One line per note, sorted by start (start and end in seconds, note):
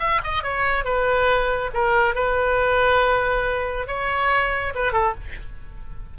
0.00 0.22 E5
0.24 0.43 D#5
0.43 0.85 C#5
0.85 1.71 B4
1.74 2.15 A#4
2.15 3.87 B4
3.87 4.74 C#5
4.75 4.92 B4
4.92 5.14 A4